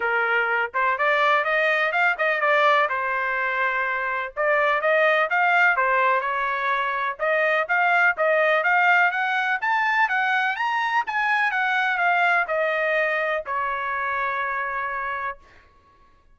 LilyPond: \new Staff \with { instrumentName = "trumpet" } { \time 4/4 \tempo 4 = 125 ais'4. c''8 d''4 dis''4 | f''8 dis''8 d''4 c''2~ | c''4 d''4 dis''4 f''4 | c''4 cis''2 dis''4 |
f''4 dis''4 f''4 fis''4 | a''4 fis''4 ais''4 gis''4 | fis''4 f''4 dis''2 | cis''1 | }